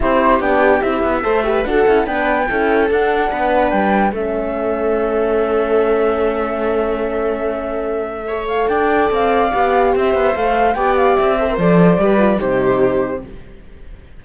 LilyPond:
<<
  \new Staff \with { instrumentName = "flute" } { \time 4/4 \tempo 4 = 145 c''4 g''4 e''2 | fis''4 g''2 fis''4~ | fis''4 g''4 e''2~ | e''1~ |
e''1~ | e''8 f''8 g''4 f''2 | e''4 f''4 g''8 f''8 e''4 | d''2 c''2 | }
  \new Staff \with { instrumentName = "viola" } { \time 4/4 g'2. c''8 b'8 | a'4 b'4 a'2 | b'2 a'2~ | a'1~ |
a'1 | cis''4 d''2. | c''2 d''4. c''8~ | c''4 b'4 g'2 | }
  \new Staff \with { instrumentName = "horn" } { \time 4/4 e'4 d'4 e'4 a'8 g'8 | fis'8 e'8 d'4 e'4 d'4~ | d'2 cis'2~ | cis'1~ |
cis'1 | a'2. g'4~ | g'4 a'4 g'4. a'16 ais'16 | a'4 g'8 f'8 dis'2 | }
  \new Staff \with { instrumentName = "cello" } { \time 4/4 c'4 b4 c'8 b8 a4 | d'8 cis'8 b4 cis'4 d'4 | b4 g4 a2~ | a1~ |
a1~ | a4 d'4 c'4 b4 | c'8 b8 a4 b4 c'4 | f4 g4 c2 | }
>>